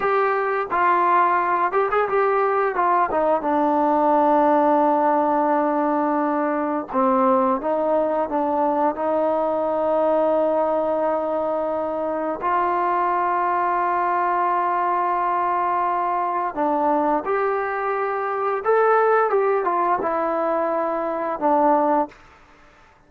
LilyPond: \new Staff \with { instrumentName = "trombone" } { \time 4/4 \tempo 4 = 87 g'4 f'4. g'16 gis'16 g'4 | f'8 dis'8 d'2.~ | d'2 c'4 dis'4 | d'4 dis'2.~ |
dis'2 f'2~ | f'1 | d'4 g'2 a'4 | g'8 f'8 e'2 d'4 | }